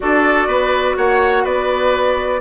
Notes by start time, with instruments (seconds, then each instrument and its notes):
0.00 bassoon D4, clarinet F#4, oboe A4, flute D5
0.47 bassoon B3, oboe B4
0.96 bassoon A#3, oboe C#5, flute F#5
1.43 bassoon B3, oboe B4, flute D5